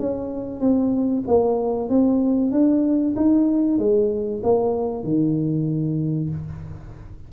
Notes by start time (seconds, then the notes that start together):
0.00 C#4
0.60 C4
1.27 A#3
1.89 C4
2.52 D4
3.16 D#4
3.78 G#3
4.44 A#3
5.04 D#3